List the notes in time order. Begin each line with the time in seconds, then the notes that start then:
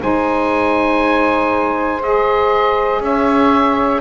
0.00 G#3 D#4 C5 G#5
2.02 G#4 D#5
3.00 C#4 C#5 E5